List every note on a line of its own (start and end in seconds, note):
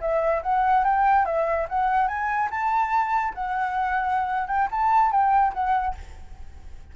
0.00 0.42 E5
0.42 0.84 F#5
0.84 1.25 G5
1.25 1.67 E5
1.69 2.07 F#5
2.07 2.49 G#5
2.50 3.34 A5
3.34 4.47 F#5
4.47 4.68 G5
4.71 5.11 A5
5.11 5.53 G5
5.53 5.95 F#5